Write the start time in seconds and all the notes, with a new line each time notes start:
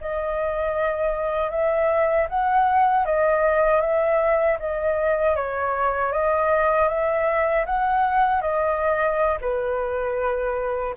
0.00 D#5
1.50 E5
2.29 F#5
3.05 D#5
3.81 E5
4.59 D#5
5.35 C#5
6.12 D#5
6.88 E5
7.65 F#5
8.41 D#5
9.41 B4